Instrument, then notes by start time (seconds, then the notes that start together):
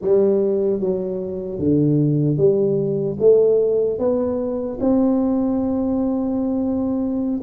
tuba
0.01 G3
0.80 F#3
1.59 D3
2.37 G3
3.19 A3
3.99 B3
4.80 C4